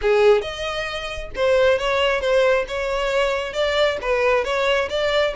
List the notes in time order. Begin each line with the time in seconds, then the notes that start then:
0.01 G#4
0.41 D#5
1.35 C5
1.78 C#5
2.20 C5
2.68 C#5
3.53 D5
4.01 B4
4.44 C#5
4.89 D5